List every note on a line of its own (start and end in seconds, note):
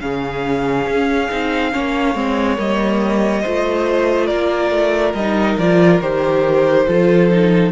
0.00 0.86 C#3
0.00 1.29 C#4
0.00 1.72 G#4
0.00 2.57 F5
0.86 1.29 C#4
1.29 1.74 C4
1.29 1.72 D#4
1.72 2.14 A#3
1.72 2.15 C#4
1.72 3.42 C#5
2.14 2.57 G#3
2.14 2.57 C4
2.57 3.44 G3
2.57 3.42 A#3
2.57 4.27 D#5
3.42 4.31 A3
3.42 5.16 F4
3.42 4.26 C5
4.26 4.71 A#3
4.26 6.84 A#4
4.26 5.12 D5
4.71 5.13 A3
5.14 5.57 G3
5.14 5.57 D#5
5.20 5.61 D#4
5.58 6.01 F3
5.58 6.02 F4
5.58 6.01 D5
6.01 6.86 D#3
6.01 6.87 G4
6.01 7.71 C5
6.87 7.71 F3
6.87 7.30 F4
6.87 7.71 A4
7.30 7.71 D#4